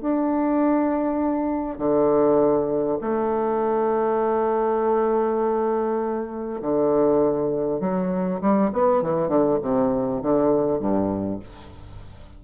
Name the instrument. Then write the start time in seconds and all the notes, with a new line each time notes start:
bassoon
0.00 D4
1.78 D3
3.01 A3
6.61 D3
7.80 F#3
8.41 G3
8.72 B3
9.02 E3
9.28 D3
9.61 C3
10.22 D3
10.79 G2